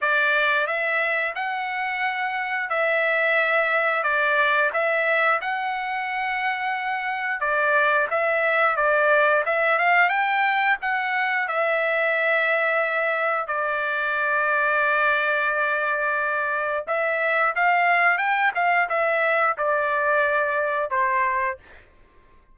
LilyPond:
\new Staff \with { instrumentName = "trumpet" } { \time 4/4 \tempo 4 = 89 d''4 e''4 fis''2 | e''2 d''4 e''4 | fis''2. d''4 | e''4 d''4 e''8 f''8 g''4 |
fis''4 e''2. | d''1~ | d''4 e''4 f''4 g''8 f''8 | e''4 d''2 c''4 | }